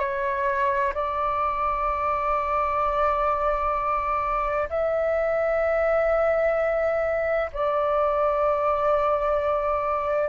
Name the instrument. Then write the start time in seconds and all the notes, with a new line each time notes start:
flute
0.00 C#5
0.95 D5
4.70 E5
7.53 D5